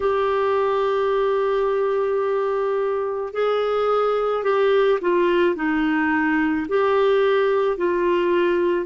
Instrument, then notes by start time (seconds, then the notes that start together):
clarinet
0.00 G4
3.33 G#4
4.43 G4
5.01 F4
5.55 D#4
6.68 G4
7.77 F4